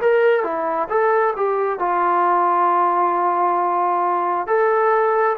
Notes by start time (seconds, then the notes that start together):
0.00 A#4
0.43 E4
0.89 A4
1.36 G4
1.79 F4
4.47 A4